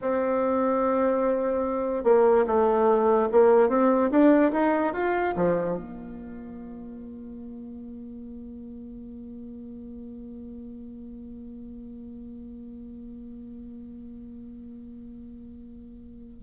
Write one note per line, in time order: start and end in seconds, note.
0.01 2.04 C4
2.04 2.45 A#3
2.46 3.28 A3
3.31 3.68 A#3
3.68 4.09 C4
4.10 4.51 D4
4.52 4.93 D#4
4.93 5.34 F4
5.36 5.76 F3
5.76 16.42 A#3